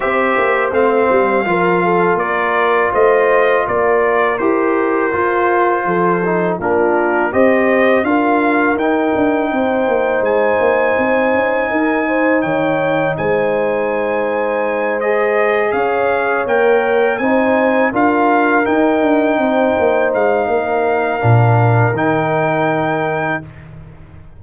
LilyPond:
<<
  \new Staff \with { instrumentName = "trumpet" } { \time 4/4 \tempo 4 = 82 e''4 f''2 d''4 | dis''4 d''4 c''2~ | c''4 ais'4 dis''4 f''4 | g''2 gis''2~ |
gis''4 g''4 gis''2~ | gis''8 dis''4 f''4 g''4 gis''8~ | gis''8 f''4 g''2 f''8~ | f''2 g''2 | }
  \new Staff \with { instrumentName = "horn" } { \time 4/4 c''2 ais'8 a'8 ais'4 | c''4 ais'2. | a'4 f'4 c''4 ais'4~ | ais'4 c''2. |
ais'8 c''8 cis''4 c''2~ | c''4. cis''2 c''8~ | c''8 ais'2 c''4. | ais'1 | }
  \new Staff \with { instrumentName = "trombone" } { \time 4/4 g'4 c'4 f'2~ | f'2 g'4 f'4~ | f'8 dis'8 d'4 g'4 f'4 | dis'1~ |
dis'1~ | dis'8 gis'2 ais'4 dis'8~ | dis'8 f'4 dis'2~ dis'8~ | dis'4 d'4 dis'2 | }
  \new Staff \with { instrumentName = "tuba" } { \time 4/4 c'8 ais8 a8 g8 f4 ais4 | a4 ais4 e'4 f'4 | f4 ais4 c'4 d'4 | dis'8 d'8 c'8 ais8 gis8 ais8 c'8 cis'8 |
dis'4 dis4 gis2~ | gis4. cis'4 ais4 c'8~ | c'8 d'4 dis'8 d'8 c'8 ais8 gis8 | ais4 ais,4 dis2 | }
>>